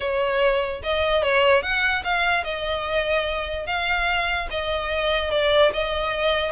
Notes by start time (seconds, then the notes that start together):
0.00 C#5
0.83 D#5
1.22 C#5
1.62 F#5
2.04 F5
2.43 D#5
3.66 F5
4.50 D#5
5.30 D5
5.73 D#5